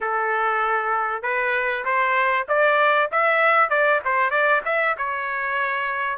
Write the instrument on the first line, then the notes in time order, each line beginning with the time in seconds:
trumpet
0.00 A4
1.22 B4
1.84 C5
2.48 D5
3.11 E5
3.69 D5
4.05 C5
4.30 D5
4.65 E5
4.97 C#5